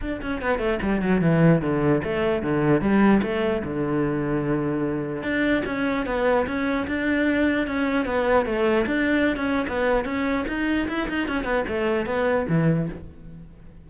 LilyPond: \new Staff \with { instrumentName = "cello" } { \time 4/4 \tempo 4 = 149 d'8 cis'8 b8 a8 g8 fis8 e4 | d4 a4 d4 g4 | a4 d2.~ | d4 d'4 cis'4 b4 |
cis'4 d'2 cis'4 | b4 a4 d'4~ d'16 cis'8. | b4 cis'4 dis'4 e'8 dis'8 | cis'8 b8 a4 b4 e4 | }